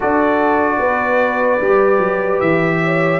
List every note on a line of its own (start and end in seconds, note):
0.00 0.79 D4
0.00 1.60 F#4
0.00 0.78 A4
0.00 2.40 D5
0.79 1.59 B3
0.79 2.79 B4
1.60 1.98 G3
1.60 3.19 G4
1.98 2.38 F#3
2.40 3.19 E3
2.40 3.19 E5
2.83 3.19 C#5